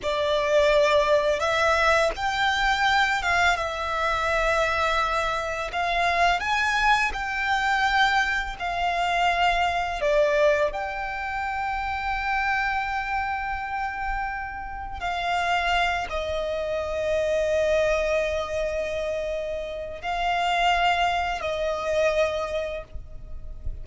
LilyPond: \new Staff \with { instrumentName = "violin" } { \time 4/4 \tempo 4 = 84 d''2 e''4 g''4~ | g''8 f''8 e''2. | f''4 gis''4 g''2 | f''2 d''4 g''4~ |
g''1~ | g''4 f''4. dis''4.~ | dis''1 | f''2 dis''2 | }